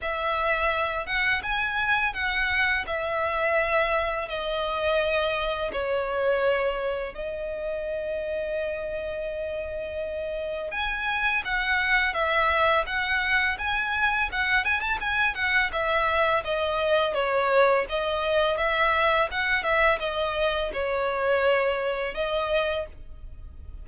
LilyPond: \new Staff \with { instrumentName = "violin" } { \time 4/4 \tempo 4 = 84 e''4. fis''8 gis''4 fis''4 | e''2 dis''2 | cis''2 dis''2~ | dis''2. gis''4 |
fis''4 e''4 fis''4 gis''4 | fis''8 gis''16 a''16 gis''8 fis''8 e''4 dis''4 | cis''4 dis''4 e''4 fis''8 e''8 | dis''4 cis''2 dis''4 | }